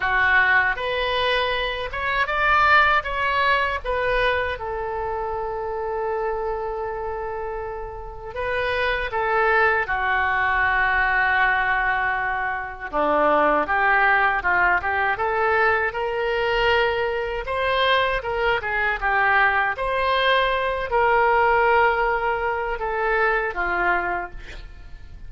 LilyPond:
\new Staff \with { instrumentName = "oboe" } { \time 4/4 \tempo 4 = 79 fis'4 b'4. cis''8 d''4 | cis''4 b'4 a'2~ | a'2. b'4 | a'4 fis'2.~ |
fis'4 d'4 g'4 f'8 g'8 | a'4 ais'2 c''4 | ais'8 gis'8 g'4 c''4. ais'8~ | ais'2 a'4 f'4 | }